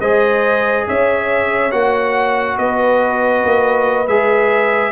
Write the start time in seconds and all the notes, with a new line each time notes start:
0.00 G#3 G#4 C5 D#5
0.88 C#4 C#5 E5
1.71 A#3 F#4 F#5
2.57 B3 B4 D#5
3.44 A#3
4.07 G#3 G#4 E5